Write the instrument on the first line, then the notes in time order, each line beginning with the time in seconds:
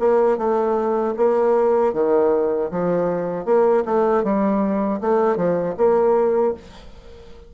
bassoon
0.00 A#3
0.38 A3
1.17 A#3
1.94 D#3
2.71 F3
3.45 A#3
3.85 A3
4.24 G3
5.01 A3
5.37 F3
5.77 A#3